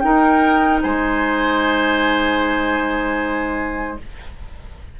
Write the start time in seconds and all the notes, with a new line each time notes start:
0.00 D#4 A#4 G5
0.83 G#3 C5 G#5